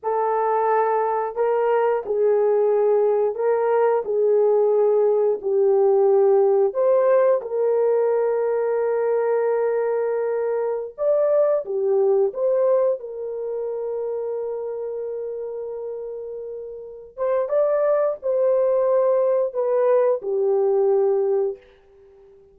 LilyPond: \new Staff \with { instrumentName = "horn" } { \time 4/4 \tempo 4 = 89 a'2 ais'4 gis'4~ | gis'4 ais'4 gis'2 | g'2 c''4 ais'4~ | ais'1~ |
ais'16 d''4 g'4 c''4 ais'8.~ | ais'1~ | ais'4. c''8 d''4 c''4~ | c''4 b'4 g'2 | }